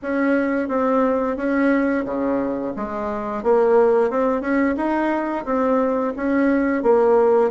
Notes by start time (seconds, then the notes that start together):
0.02 C#4
0.68 C4
1.36 C#4
2.05 C#3
2.76 G#3
3.43 A#3
4.10 C4
4.41 C#4
4.76 D#4
5.45 C4
6.16 C#4
6.82 A#3